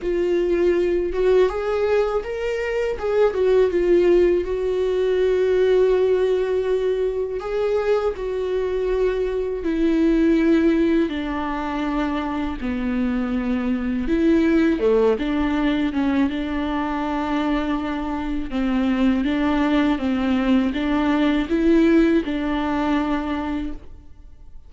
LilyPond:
\new Staff \with { instrumentName = "viola" } { \time 4/4 \tempo 4 = 81 f'4. fis'8 gis'4 ais'4 | gis'8 fis'8 f'4 fis'2~ | fis'2 gis'4 fis'4~ | fis'4 e'2 d'4~ |
d'4 b2 e'4 | a8 d'4 cis'8 d'2~ | d'4 c'4 d'4 c'4 | d'4 e'4 d'2 | }